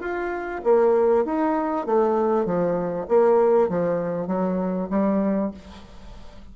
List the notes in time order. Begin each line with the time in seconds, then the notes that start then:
0.00 F4
0.64 A#3
1.25 D#4
1.86 A3
2.45 F3
3.08 A#3
3.69 F3
4.27 F#3
4.90 G3